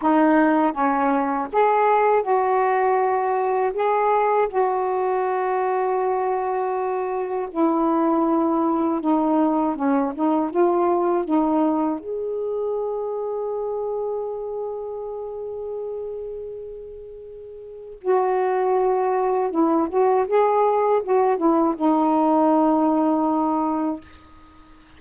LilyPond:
\new Staff \with { instrumentName = "saxophone" } { \time 4/4 \tempo 4 = 80 dis'4 cis'4 gis'4 fis'4~ | fis'4 gis'4 fis'2~ | fis'2 e'2 | dis'4 cis'8 dis'8 f'4 dis'4 |
gis'1~ | gis'1 | fis'2 e'8 fis'8 gis'4 | fis'8 e'8 dis'2. | }